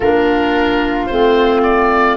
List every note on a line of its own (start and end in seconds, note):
0.00 1.08 A#3
0.00 1.10 D4
0.00 2.17 F4
0.00 1.06 A#4
1.06 2.17 A3
1.06 2.17 C4
1.06 1.61 C5
1.62 2.17 D5